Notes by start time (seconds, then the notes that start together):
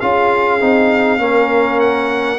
0.00 C#4 F4 G#4 F5
0.60 C4 D#4
1.18 A#3 C#4 A#4
1.80 F#5